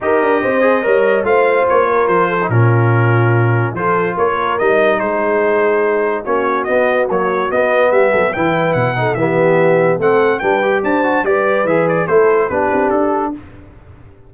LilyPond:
<<
  \new Staff \with { instrumentName = "trumpet" } { \time 4/4 \tempo 4 = 144 dis''2. f''4 | cis''4 c''4 ais'2~ | ais'4 c''4 cis''4 dis''4 | c''2. cis''4 |
dis''4 cis''4 dis''4 e''4 | g''4 fis''4 e''2 | fis''4 g''4 a''4 d''4 | e''8 d''8 c''4 b'4 a'4 | }
  \new Staff \with { instrumentName = "horn" } { \time 4/4 ais'4 c''4 cis''4 c''4~ | c''8 ais'4 a'8 f'2~ | f'4 a'4 ais'2 | gis'2. fis'4~ |
fis'2. g'8 a'8 | b'4. a'8 g'2 | a'4 b'4 c''4 b'4~ | b'4 a'4 g'2 | }
  \new Staff \with { instrumentName = "trombone" } { \time 4/4 g'4. gis'8 ais'4 f'4~ | f'4.~ f'16 dis'16 cis'2~ | cis'4 f'2 dis'4~ | dis'2. cis'4 |
b4 fis4 b2 | e'4. dis'8 b2 | c'4 d'8 g'4 fis'8 g'4 | gis'4 e'4 d'2 | }
  \new Staff \with { instrumentName = "tuba" } { \time 4/4 dis'8 d'8 c'4 g4 a4 | ais4 f4 ais,2~ | ais,4 f4 ais4 g4 | gis2. ais4 |
b4 ais4 b4 g8 fis8 | e4 b,4 e2 | a4 g4 d'4 g4 | e4 a4 b8 c'8 d'4 | }
>>